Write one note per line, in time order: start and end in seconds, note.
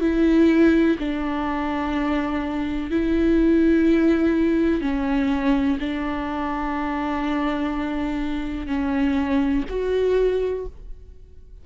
0.00 0.97 E4
0.99 2.91 D4
2.91 4.81 E4
4.81 5.78 C#4
5.79 8.67 D4
8.67 9.63 C#4
9.69 10.66 F#4